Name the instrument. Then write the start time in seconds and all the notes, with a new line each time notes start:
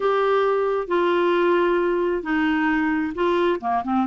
clarinet
0.00 G4
0.87 F4
2.22 D#4
3.14 F4
3.60 A#3
3.83 C4